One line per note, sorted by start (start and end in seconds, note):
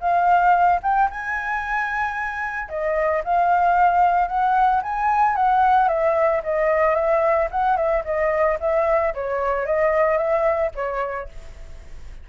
0.00 0.80 F5
0.83 1.09 G5
1.10 2.69 G#5
2.69 3.23 D#5
3.24 4.28 F5
4.28 4.81 F#5
4.83 5.36 G#5
5.36 5.88 F#5
5.88 6.42 E5
6.43 6.95 D#5
6.95 7.49 E5
7.51 7.77 F#5
7.77 8.03 E5
8.05 8.58 D#5
8.60 9.14 E5
9.14 9.66 C#5
9.66 10.17 D#5
10.17 10.71 E5
10.75 11.29 C#5